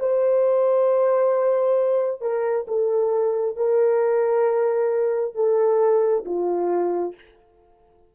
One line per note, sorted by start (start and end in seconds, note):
0.00 2.21 C5
2.21 2.66 A#4
2.68 3.57 A4
3.57 5.35 A#4
5.35 6.25 A4
6.25 7.15 F4